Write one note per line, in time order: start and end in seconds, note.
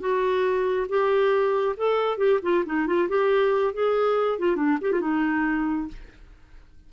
0.00 0.87 F#4
0.89 1.76 G4
1.77 2.18 A4
2.18 2.40 G4
2.42 2.64 F4
2.66 2.87 D#4
2.87 3.08 F4
3.09 3.74 G4
3.74 4.39 G#4
4.39 4.56 F4
4.56 4.78 D4
4.81 4.92 G4
4.92 5.01 F4
5.01 5.88 D#4